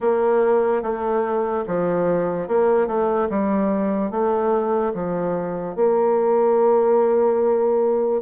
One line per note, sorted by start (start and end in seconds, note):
0.00 0.82 A#3
0.82 1.64 A3
1.67 2.48 F3
2.48 2.87 A#3
2.87 3.28 A3
3.29 4.10 G3
4.10 4.92 A3
4.94 5.75 F3
5.75 8.22 A#3